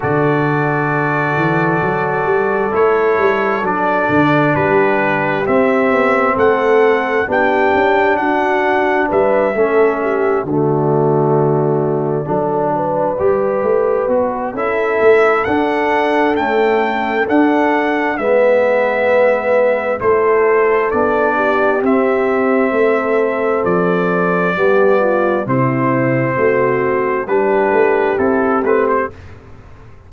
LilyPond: <<
  \new Staff \with { instrumentName = "trumpet" } { \time 4/4 \tempo 4 = 66 d''2. cis''4 | d''4 b'4 e''4 fis''4 | g''4 fis''4 e''4. d''8~ | d''1 |
e''4 fis''4 g''4 fis''4 | e''2 c''4 d''4 | e''2 d''2 | c''2 b'4 a'8 b'16 c''16 | }
  \new Staff \with { instrumentName = "horn" } { \time 4/4 a'1~ | a'4 g'2 a'4 | g'4 fis'4 b'8 a'8 g'8 fis'8~ | fis'4. a'8 b'2 |
a'1 | b'2 a'4. g'8~ | g'4 a'2 g'8 f'8 | e'4 fis'4 g'2 | }
  \new Staff \with { instrumentName = "trombone" } { \time 4/4 fis'2. e'4 | d'2 c'2 | d'2~ d'8 cis'4 a8~ | a4. d'4 g'4 fis'8 |
e'4 d'4 a4 d'4 | b2 e'4 d'4 | c'2. b4 | c'2 d'4 e'8 c'8 | }
  \new Staff \with { instrumentName = "tuba" } { \time 4/4 d4. e8 fis8 g8 a8 g8 | fis8 d8 g4 c'8 b8 a4 | b8 cis'8 d'4 g8 a4 d8~ | d4. fis4 g8 a8 b8 |
cis'8 a8 d'4 cis'4 d'4 | gis2 a4 b4 | c'4 a4 f4 g4 | c4 a4 g8 a8 c'8 a8 | }
>>